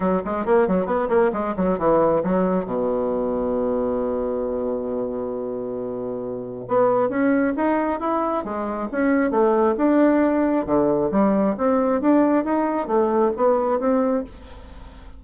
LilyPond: \new Staff \with { instrumentName = "bassoon" } { \time 4/4 \tempo 4 = 135 fis8 gis8 ais8 fis8 b8 ais8 gis8 fis8 | e4 fis4 b,2~ | b,1~ | b,2. b4 |
cis'4 dis'4 e'4 gis4 | cis'4 a4 d'2 | d4 g4 c'4 d'4 | dis'4 a4 b4 c'4 | }